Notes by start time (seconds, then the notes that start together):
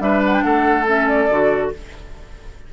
0.00 G3 D4 B4 E5
0.26 F#5
0.34 G5
0.43 A3 A4 F#5
0.86 C#4 E5
1.08 D5
1.30 D3 F#4